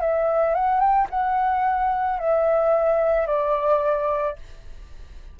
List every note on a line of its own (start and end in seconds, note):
0.00 0.54 E5
0.54 0.80 F#5
0.80 1.07 G5
1.10 2.19 F#5
2.19 3.26 E5
3.26 4.35 D5